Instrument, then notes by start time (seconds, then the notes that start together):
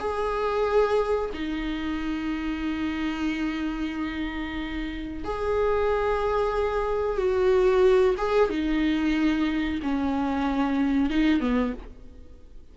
viola
0.00 G#4
1.33 D#4
5.25 G#4
7.18 F#4
8.18 G#4
8.50 D#4
9.83 C#4
11.10 D#4
11.41 B3